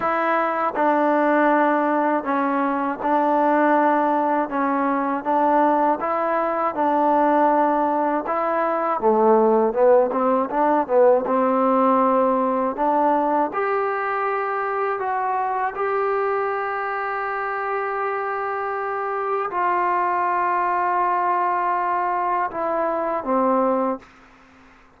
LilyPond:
\new Staff \with { instrumentName = "trombone" } { \time 4/4 \tempo 4 = 80 e'4 d'2 cis'4 | d'2 cis'4 d'4 | e'4 d'2 e'4 | a4 b8 c'8 d'8 b8 c'4~ |
c'4 d'4 g'2 | fis'4 g'2.~ | g'2 f'2~ | f'2 e'4 c'4 | }